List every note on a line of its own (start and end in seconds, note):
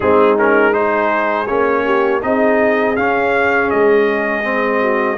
0.00 1.48 G#3
0.00 0.38 C4
0.00 0.75 D#4
0.00 0.37 G#4
0.38 0.72 C#4
0.38 0.73 A#4
0.72 1.46 D#4
0.72 1.84 G#4
0.72 1.46 C5
1.46 2.23 A#3
1.46 2.21 C#4
1.46 2.21 C#5
1.84 2.21 G4
2.21 2.97 C4
2.21 2.95 D#4
2.21 4.81 G#4
2.21 2.96 D#5
2.96 4.43 C#4
2.96 3.71 C#4
2.96 3.70 F5
3.70 5.18 G#3
3.70 5.18 D#5
4.43 5.17 C4
4.81 5.18 F#4